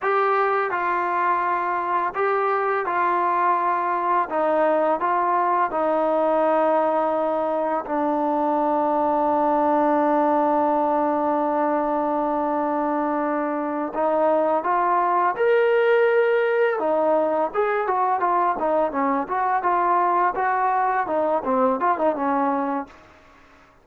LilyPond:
\new Staff \with { instrumentName = "trombone" } { \time 4/4 \tempo 4 = 84 g'4 f'2 g'4 | f'2 dis'4 f'4 | dis'2. d'4~ | d'1~ |
d'2.~ d'8 dis'8~ | dis'8 f'4 ais'2 dis'8~ | dis'8 gis'8 fis'8 f'8 dis'8 cis'8 fis'8 f'8~ | f'8 fis'4 dis'8 c'8 f'16 dis'16 cis'4 | }